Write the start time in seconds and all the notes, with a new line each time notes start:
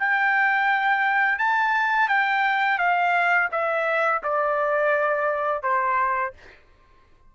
0.00 G5
1.39 A5
2.09 G5
2.79 F5
3.52 E5
4.24 D5
5.63 C5